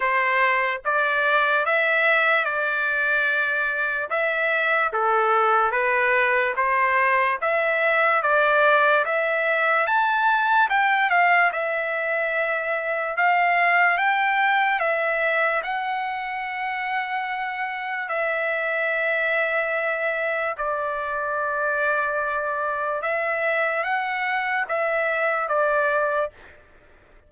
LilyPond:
\new Staff \with { instrumentName = "trumpet" } { \time 4/4 \tempo 4 = 73 c''4 d''4 e''4 d''4~ | d''4 e''4 a'4 b'4 | c''4 e''4 d''4 e''4 | a''4 g''8 f''8 e''2 |
f''4 g''4 e''4 fis''4~ | fis''2 e''2~ | e''4 d''2. | e''4 fis''4 e''4 d''4 | }